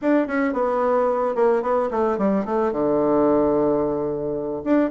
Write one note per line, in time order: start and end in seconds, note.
0.01 0.27 D4
0.27 0.53 C#4
0.53 1.35 B3
1.35 1.62 A#3
1.62 1.89 B3
1.91 2.18 A3
2.18 2.45 G3
2.45 2.71 A3
2.71 4.62 D3
4.64 4.90 D4